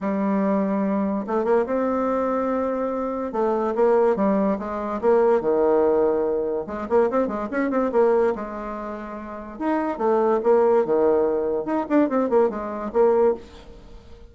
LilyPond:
\new Staff \with { instrumentName = "bassoon" } { \time 4/4 \tempo 4 = 144 g2. a8 ais8 | c'1 | a4 ais4 g4 gis4 | ais4 dis2. |
gis8 ais8 c'8 gis8 cis'8 c'8 ais4 | gis2. dis'4 | a4 ais4 dis2 | dis'8 d'8 c'8 ais8 gis4 ais4 | }